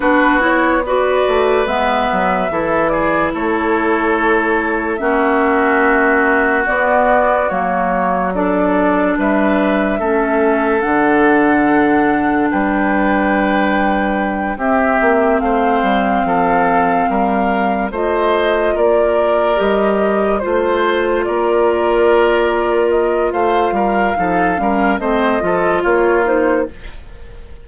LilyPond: <<
  \new Staff \with { instrumentName = "flute" } { \time 4/4 \tempo 4 = 72 b'8 cis''8 d''4 e''4. d''8 | cis''2 e''2 | d''4 cis''4 d''4 e''4~ | e''4 fis''2 g''4~ |
g''4. e''4 f''4.~ | f''4. dis''4 d''4 dis''8~ | dis''8 c''4 d''2 dis''8 | f''2 dis''4 cis''8 c''8 | }
  \new Staff \with { instrumentName = "oboe" } { \time 4/4 fis'4 b'2 a'8 gis'8 | a'2 fis'2~ | fis'2 a'4 b'4 | a'2. b'4~ |
b'4. g'4 c''4 a'8~ | a'8 ais'4 c''4 ais'4.~ | ais'8 c''4 ais'2~ ais'8 | c''8 ais'8 a'8 ais'8 c''8 a'8 f'4 | }
  \new Staff \with { instrumentName = "clarinet" } { \time 4/4 d'8 e'8 fis'4 b4 e'4~ | e'2 cis'2 | b4 ais4 d'2 | cis'4 d'2.~ |
d'4. c'2~ c'8~ | c'4. f'2 g'8~ | g'8 f'2.~ f'8~ | f'4 dis'8 cis'8 c'8 f'4 dis'8 | }
  \new Staff \with { instrumentName = "bassoon" } { \time 4/4 b4. a8 gis8 fis8 e4 | a2 ais2 | b4 fis2 g4 | a4 d2 g4~ |
g4. c'8 ais8 a8 g8 f8~ | f8 g4 a4 ais4 g8~ | g8 a4 ais2~ ais8 | a8 g8 f8 g8 a8 f8 ais4 | }
>>